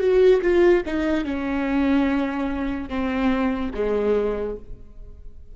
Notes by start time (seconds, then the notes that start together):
0.00 F#4
0.42 F4
0.86 D#4
1.25 C#4
2.90 C4
3.74 G#3